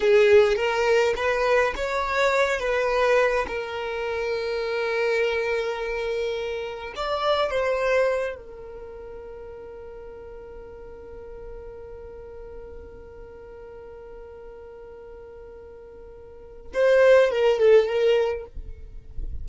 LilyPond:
\new Staff \with { instrumentName = "violin" } { \time 4/4 \tempo 4 = 104 gis'4 ais'4 b'4 cis''4~ | cis''8 b'4. ais'2~ | ais'1 | d''4 c''4. ais'4.~ |
ais'1~ | ais'1~ | ais'1~ | ais'4 c''4 ais'8 a'8 ais'4 | }